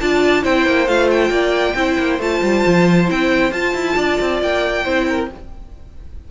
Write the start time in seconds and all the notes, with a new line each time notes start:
0.00 D4 F4 D5 A5
0.42 C4 E4 C5 G5
0.66 A#3
0.87 A3 F4 F5
1.11 G5
1.30 A#3 D5
1.75 C4 E4 C5
1.99 A#3
2.19 A3 F4 A5
2.42 G3
2.66 F3
3.07 C4 E4 G5
3.52 F4 A5
3.74 E4
3.97 D4 D5
4.21 C4
4.42 A#3 G5
4.83 C4 E4 C5
5.09 A#4